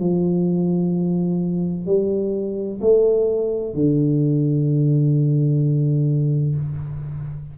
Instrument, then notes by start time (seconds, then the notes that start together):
tuba
0.00 F3
1.87 G3
2.81 A3
3.75 D3